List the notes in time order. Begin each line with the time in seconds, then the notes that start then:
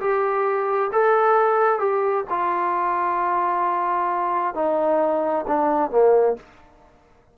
0.00 G4
0.92 A4
1.79 G4
2.30 F4
4.54 D#4
5.47 D4
5.90 A#3